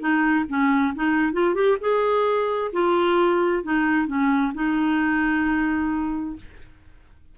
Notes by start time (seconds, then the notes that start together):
0.00 D#4
0.49 C#4
0.95 D#4
1.33 F4
1.55 G4
1.81 G#4
2.73 F4
3.64 D#4
4.08 C#4
4.55 D#4